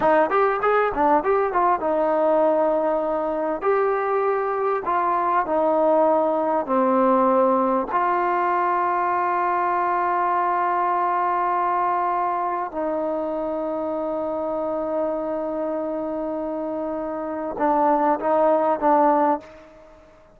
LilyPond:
\new Staff \with { instrumentName = "trombone" } { \time 4/4 \tempo 4 = 99 dis'8 g'8 gis'8 d'8 g'8 f'8 dis'4~ | dis'2 g'2 | f'4 dis'2 c'4~ | c'4 f'2.~ |
f'1~ | f'4 dis'2.~ | dis'1~ | dis'4 d'4 dis'4 d'4 | }